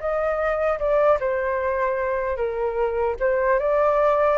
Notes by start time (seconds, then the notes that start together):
0.00 D#5
0.79 D5
1.20 C5
2.37 A#4
3.20 C5
3.59 D5